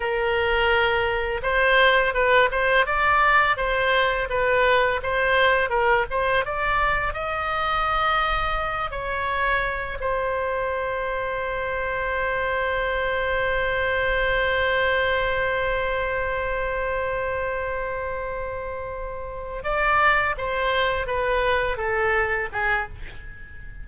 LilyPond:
\new Staff \with { instrumentName = "oboe" } { \time 4/4 \tempo 4 = 84 ais'2 c''4 b'8 c''8 | d''4 c''4 b'4 c''4 | ais'8 c''8 d''4 dis''2~ | dis''8 cis''4. c''2~ |
c''1~ | c''1~ | c''2.~ c''8 d''8~ | d''8 c''4 b'4 a'4 gis'8 | }